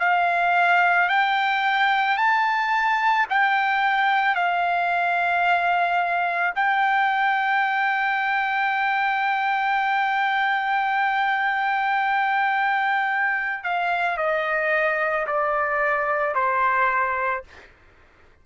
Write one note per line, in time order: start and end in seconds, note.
0.00 1.09 F5
1.09 2.17 G5
2.17 3.26 A5
3.30 4.35 G5
4.35 6.54 F5
6.55 13.64 G5
13.64 14.17 F5
14.17 15.26 D#5
15.27 16.35 D5
16.35 17.44 C5